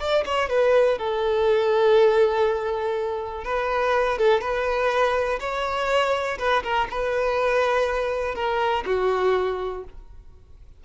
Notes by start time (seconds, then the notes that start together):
0.00 D5
0.26 C#5
0.50 B4
0.99 A4
3.45 B4
4.18 A4
4.42 B4
5.40 C#5
6.39 B4
6.64 A#4
6.91 B4
8.35 A#4
8.86 F#4